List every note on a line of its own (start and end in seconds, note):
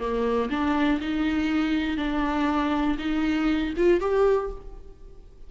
0.00 0.50 A#3
0.51 1.01 D4
1.01 1.98 D#4
1.98 2.98 D4
2.99 3.74 D#4
3.77 4.01 F4
4.01 4.51 G4